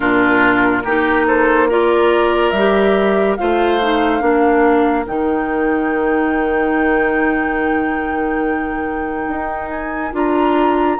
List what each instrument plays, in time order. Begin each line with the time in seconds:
0.00 bassoon A#2, clarinet D4, oboe F4, flute A#4
0.84 bassoon A#3, clarinet D#4, oboe G4
1.27 oboe A4, flute C5
1.68 clarinet F4, oboe A#4, flute D5
2.50 bassoon G3, flute E5
2.57 clarinet G4
3.36 bassoon A3, clarinet F4, oboe C5, flute F5
3.80 clarinet D#4
4.20 bassoon A#3, clarinet D4, oboe A#4
5.06 bassoon D#3, clarinet D#4, flute G5
9.27 bassoon D#4
9.70 flute G#5
10.12 bassoon D4, clarinet F4, flute A#5